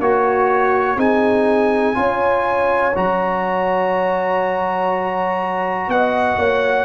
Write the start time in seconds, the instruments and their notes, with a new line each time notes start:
0.00 tuba A#3, horn F#4, trombone F#4, trumpet C#5
0.97 tuba C4, trombone D#4, horn G#4, trumpet G#5
1.94 tuba C#4, trombone F4, horn C#5
2.95 tuba F#3, trombone F#4, trumpet A#5
5.88 tuba B3, horn D#5, trumpet F#5
6.37 tuba A#3, horn C#5